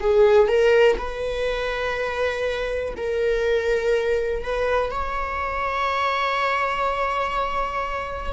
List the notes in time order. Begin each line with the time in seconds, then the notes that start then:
0.00 G#4
0.47 A#4
0.97 B4
2.96 A#4
4.43 B4
4.90 C#5